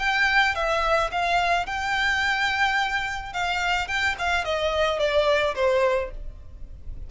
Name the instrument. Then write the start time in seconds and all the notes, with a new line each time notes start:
violin
0.00 G5
0.56 E5
1.12 F5
1.67 G5
3.33 F5
3.88 G5
4.19 F5
4.45 D#5
4.99 D5
5.56 C5